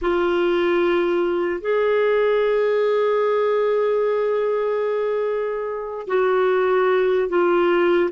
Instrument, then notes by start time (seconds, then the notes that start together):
clarinet
0.01 F4
1.60 G#4
6.07 F#4
7.28 F4